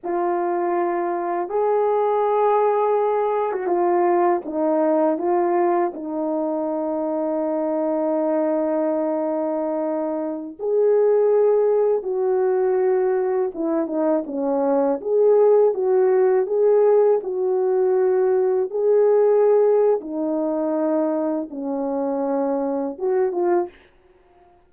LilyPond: \new Staff \with { instrumentName = "horn" } { \time 4/4 \tempo 4 = 81 f'2 gis'2~ | gis'8. fis'16 f'4 dis'4 f'4 | dis'1~ | dis'2~ dis'16 gis'4.~ gis'16~ |
gis'16 fis'2 e'8 dis'8 cis'8.~ | cis'16 gis'4 fis'4 gis'4 fis'8.~ | fis'4~ fis'16 gis'4.~ gis'16 dis'4~ | dis'4 cis'2 fis'8 f'8 | }